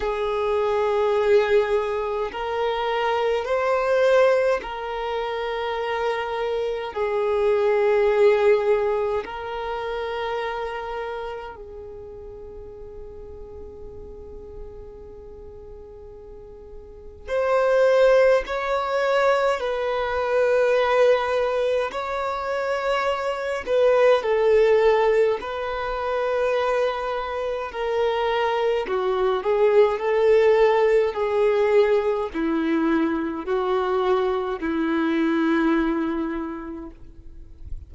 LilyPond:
\new Staff \with { instrumentName = "violin" } { \time 4/4 \tempo 4 = 52 gis'2 ais'4 c''4 | ais'2 gis'2 | ais'2 gis'2~ | gis'2. c''4 |
cis''4 b'2 cis''4~ | cis''8 b'8 a'4 b'2 | ais'4 fis'8 gis'8 a'4 gis'4 | e'4 fis'4 e'2 | }